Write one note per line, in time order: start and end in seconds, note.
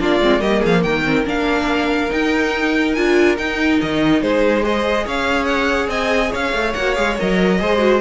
0.00 0.20 A#3
0.00 0.21 D4
0.00 0.42 F4
0.00 0.41 D5
0.20 0.42 G#3
0.20 0.41 C4
0.41 0.63 G3
0.41 1.04 A#3
0.41 0.60 G4
0.41 0.63 D#5
0.60 0.85 F3
0.60 0.81 G#4
0.66 0.83 F5
0.83 1.26 D#3
0.83 4.23 A#4
0.83 1.25 G5
1.05 1.25 C4
1.25 2.11 A#3
1.25 2.10 D4
1.25 2.12 F5
2.11 2.95 D#4
2.11 2.98 D#4
2.11 2.94 G5
2.94 3.39 D4
2.94 3.37 F4
2.94 3.36 G#5
3.37 4.63 D#4
3.37 3.81 D#4
3.37 3.80 G5
3.82 4.22 D#3
3.82 4.22 D#5
4.22 5.06 G#3
4.22 4.63 G#4
4.22 4.65 C5
4.63 6.74 G#4
4.63 5.06 C5
4.63 5.08 D#5
5.06 5.88 C#4
5.06 5.90 C#5
5.06 5.46 F5
5.46 5.88 F#5
5.88 6.30 C4
5.88 6.32 D#5
5.88 6.33 G#5
6.32 6.53 C#4
6.32 7.59 C#5
6.32 6.74 F5
6.53 6.74 A3
6.74 6.98 A#3
6.74 6.96 F#4
6.74 6.95 F#5
6.95 7.19 G#3
6.95 7.17 G#4
6.95 7.16 F5
7.19 7.61 F#3
7.19 7.60 A#4
7.19 8.01 D#5
7.60 8.01 G#3
7.60 7.79 G#4
7.60 8.01 C5
7.79 8.00 F#4